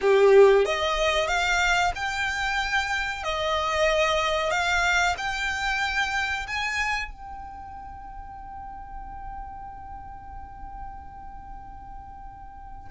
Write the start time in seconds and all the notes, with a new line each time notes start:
0.01 G4
0.65 D#5
1.27 F5
1.95 G5
3.23 D#5
4.50 F5
5.17 G5
6.47 G#5
7.11 G5